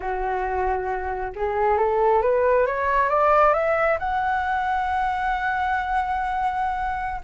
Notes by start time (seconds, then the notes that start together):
0.00 F#4
1.35 G#4
1.77 A4
2.21 B4
2.66 C#5
3.09 D5
3.53 E5
3.99 F#5